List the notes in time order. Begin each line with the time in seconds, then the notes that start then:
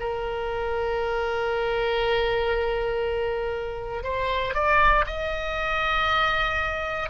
0.00 A#4
4.04 C5
4.54 D5
5.06 D#5